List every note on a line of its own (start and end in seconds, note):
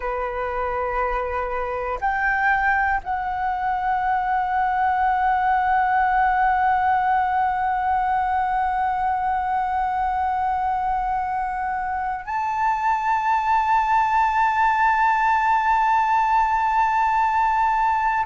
0.00 1.99 B4
2.00 3.00 G5
3.03 12.25 F#5
12.25 18.25 A5